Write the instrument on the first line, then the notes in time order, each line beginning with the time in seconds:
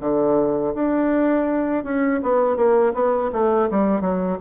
bassoon
0.00 D3
0.75 D4
1.84 C#4
2.23 B3
2.56 A#3
2.94 B3
3.32 A3
3.71 G3
4.00 F#3